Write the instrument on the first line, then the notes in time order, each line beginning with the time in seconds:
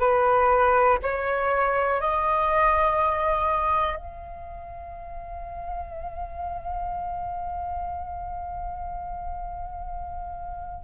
flute
0.00 B4
1.03 C#5
2.01 D#5
3.96 F5